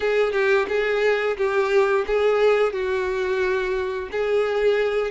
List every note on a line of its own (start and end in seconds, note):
0.00 0.32 G#4
0.32 0.66 G4
0.68 1.36 G#4
1.37 2.05 G4
2.06 2.72 G#4
2.72 4.09 F#4
4.11 5.10 G#4